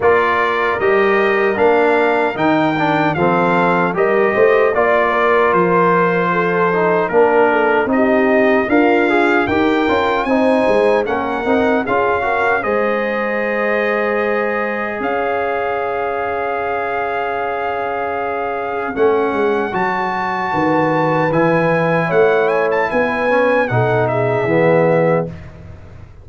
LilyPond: <<
  \new Staff \with { instrumentName = "trumpet" } { \time 4/4 \tempo 4 = 76 d''4 dis''4 f''4 g''4 | f''4 dis''4 d''4 c''4~ | c''4 ais'4 dis''4 f''4 | g''4 gis''4 fis''4 f''4 |
dis''2. f''4~ | f''1 | fis''4 a''2 gis''4 | fis''8 gis''16 a''16 gis''4 fis''8 e''4. | }
  \new Staff \with { instrumentName = "horn" } { \time 4/4 ais'1 | a'4 ais'8 c''8 d''8 ais'4. | a'4 ais'8 a'8 g'4 f'4 | ais'4 c''4 ais'4 gis'8 ais'8 |
c''2. cis''4~ | cis''1~ | cis''2 b'2 | cis''4 b'4 a'8 gis'4. | }
  \new Staff \with { instrumentName = "trombone" } { \time 4/4 f'4 g'4 d'4 dis'8 d'8 | c'4 g'4 f'2~ | f'8 dis'8 d'4 dis'4 ais'8 gis'8 | g'8 f'8 dis'4 cis'8 dis'8 f'8 fis'8 |
gis'1~ | gis'1 | cis'4 fis'2 e'4~ | e'4. cis'8 dis'4 b4 | }
  \new Staff \with { instrumentName = "tuba" } { \time 4/4 ais4 g4 ais4 dis4 | f4 g8 a8 ais4 f4~ | f4 ais4 c'4 d'4 | dis'8 cis'8 c'8 gis8 ais8 c'8 cis'4 |
gis2. cis'4~ | cis'1 | a8 gis8 fis4 dis4 e4 | a4 b4 b,4 e4 | }
>>